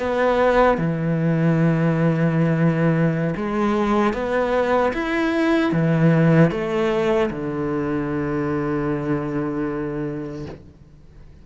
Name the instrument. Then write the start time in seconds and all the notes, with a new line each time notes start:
cello
0.00 B3
0.78 E3
3.37 G#3
4.14 B3
4.94 E4
5.72 E3
6.51 A3
7.30 D3